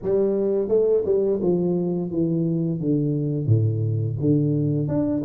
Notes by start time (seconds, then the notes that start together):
0.02 G3
0.68 A3
1.05 G3
1.41 F3
2.11 E3
2.79 D3
3.46 A2
4.20 D3
4.87 D4